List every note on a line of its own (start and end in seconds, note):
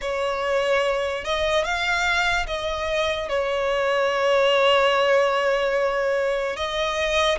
0.01 1.24 C#5
1.24 1.64 D#5
1.64 2.46 F5
2.46 3.28 D#5
3.29 6.56 C#5
6.56 7.38 D#5